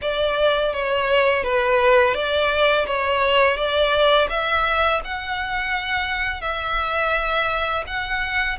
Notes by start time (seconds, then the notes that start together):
0.01 D5
0.73 C#5
1.43 B4
2.14 D5
2.86 C#5
3.56 D5
4.29 E5
5.04 F#5
6.41 E5
7.86 F#5